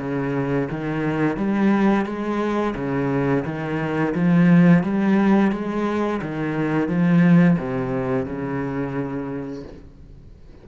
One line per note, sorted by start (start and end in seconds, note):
0.00 0.69 C#3
0.71 1.38 D#3
1.38 2.06 G3
2.06 2.75 G#3
2.76 3.45 C#3
3.45 4.14 D#3
4.15 4.84 F3
4.84 5.52 G3
5.52 6.21 G#3
6.22 6.89 D#3
6.89 7.58 F3
7.59 8.26 C3
8.26 9.64 C#3